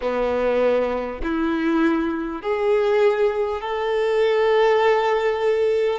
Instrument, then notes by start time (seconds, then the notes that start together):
violin
0.01 B3
1.22 E4
2.42 G#4
3.61 A4